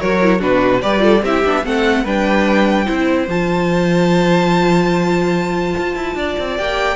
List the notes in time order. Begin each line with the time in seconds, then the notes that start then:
0.00 F#3 F#4 A#4 C#5
0.22 E4
0.39 B2 D4 F#4 B4
0.82 G3 G4 B4 D5
0.99 F4 A4
1.23 C4 E4 G4 E5
1.45 B3 D4
1.64 A3 C4 A4 F#5
2.04 G3 D4 B4 G5
2.85 C4 E4 C5
3.28 F3 F4 A5
5.78 F4
5.96 E4
6.15 D4 D5
6.39 C4
6.57 A#3 G4 G5